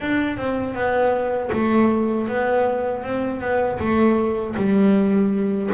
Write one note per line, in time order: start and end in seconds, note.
0.00 0.37 D4
0.37 0.74 C4
0.74 1.50 B3
1.52 2.28 A3
2.28 3.03 B3
3.03 3.40 C4
3.40 3.78 B3
3.79 4.55 A3
4.56 5.70 G3